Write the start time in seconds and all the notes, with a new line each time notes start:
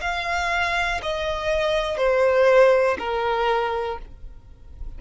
0.00 F5
1.02 D#5
1.97 C5
2.98 A#4